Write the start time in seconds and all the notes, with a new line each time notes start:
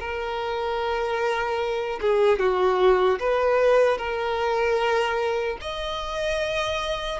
0.00 A#4
2.01 G#4
2.39 F#4
3.20 B4
3.98 A#4
5.61 D#5